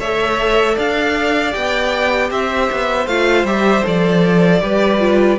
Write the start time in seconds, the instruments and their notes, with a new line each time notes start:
0.00 cello A3, viola A4, violin C#5 E5
0.75 cello D4, violin D5 F5
1.51 cello B3, viola G4, violin G5
2.31 cello C4, violin C5 E5
2.72 cello B3
3.07 cello A3, viola F4, violin F5
3.44 cello G3, viola G4, violin E5
3.84 cello F3, viola A4, violin D5
4.61 cello G3, viola G4, violin B4
4.99 viola F4